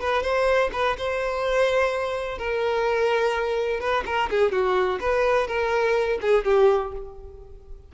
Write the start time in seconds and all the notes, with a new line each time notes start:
0.00 B4
0.23 C5
0.73 B4
0.98 C5
2.38 A#4
3.80 B4
4.06 A#4
4.30 G#4
4.52 F#4
5.00 B4
5.47 A#4
6.21 G#4
6.45 G4